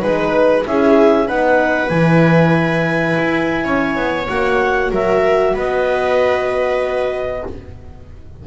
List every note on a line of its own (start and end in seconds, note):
0.00 0.66 G#3
0.00 0.63 D#4
0.00 0.65 B4
0.00 0.66 B4
0.66 1.30 C#4
0.66 1.27 E4
0.66 1.27 G#4
0.66 1.29 E5
1.27 1.90 B3
1.27 1.90 D#4
1.27 3.64 B4
1.27 1.89 F#5
1.89 3.17 E3
1.89 4.28 E4
1.89 4.26 G#5
3.18 3.65 E4
3.65 3.96 C#4
3.65 4.91 C#5
3.96 4.28 B3
4.28 4.91 A#3
4.28 7.44 F#4
4.28 4.92 F#5
4.91 5.54 F#3
4.91 5.54 A#4
4.91 5.57 E5
5.54 7.44 B3
5.54 7.44 B4
5.54 7.47 D#5